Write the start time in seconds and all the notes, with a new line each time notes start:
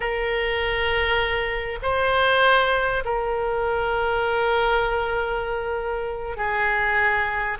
0.00 A#4
1.82 C5
3.05 A#4
6.36 G#4